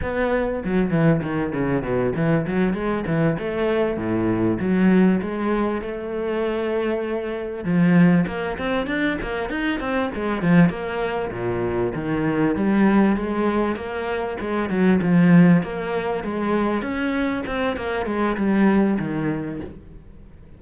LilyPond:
\new Staff \with { instrumentName = "cello" } { \time 4/4 \tempo 4 = 98 b4 fis8 e8 dis8 cis8 b,8 e8 | fis8 gis8 e8 a4 a,4 fis8~ | fis8 gis4 a2~ a8~ | a8 f4 ais8 c'8 d'8 ais8 dis'8 |
c'8 gis8 f8 ais4 ais,4 dis8~ | dis8 g4 gis4 ais4 gis8 | fis8 f4 ais4 gis4 cis'8~ | cis'8 c'8 ais8 gis8 g4 dis4 | }